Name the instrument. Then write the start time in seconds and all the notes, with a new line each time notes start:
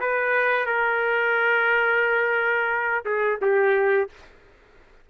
trumpet
0.00 B4
0.66 A#4
3.06 G#4
3.42 G4